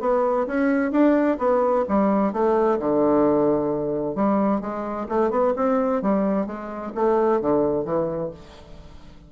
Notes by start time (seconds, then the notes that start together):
0.00 B3
0.47 C#4
0.91 D4
1.38 B3
1.88 G3
2.32 A3
2.79 D3
4.15 G3
4.61 G#3
5.09 A3
5.30 B3
5.56 C4
6.02 G3
6.46 G#3
6.95 A3
7.41 D3
7.85 E3